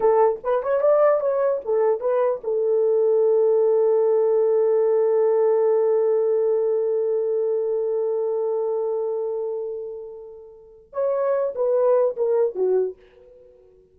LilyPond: \new Staff \with { instrumentName = "horn" } { \time 4/4 \tempo 4 = 148 a'4 b'8 cis''8 d''4 cis''4 | a'4 b'4 a'2~ | a'1~ | a'1~ |
a'1~ | a'1~ | a'2. cis''4~ | cis''8 b'4. ais'4 fis'4 | }